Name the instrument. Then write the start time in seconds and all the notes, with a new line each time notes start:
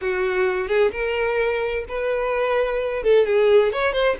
violin
0.01 F#4
0.68 G#4
0.91 A#4
1.88 B4
3.03 A4
3.26 G#4
3.72 C#5
3.92 C5